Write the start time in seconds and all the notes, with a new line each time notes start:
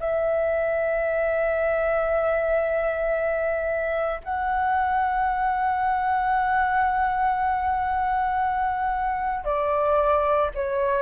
0.00 E5
4.24 F#5
9.45 D5
10.55 C#5